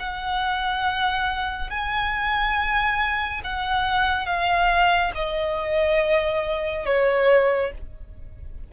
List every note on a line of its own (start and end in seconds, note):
0.00 1.70 F#5
1.70 3.41 G#5
3.44 4.26 F#5
4.26 5.12 F5
5.15 6.86 D#5
6.86 7.71 C#5